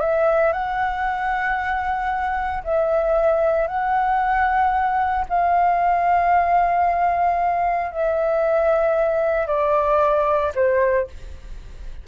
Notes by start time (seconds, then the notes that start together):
0.00 E5
0.52 F#5
2.63 E5
3.67 F#5
5.29 F5
7.91 E5
9.47 D5
10.55 C5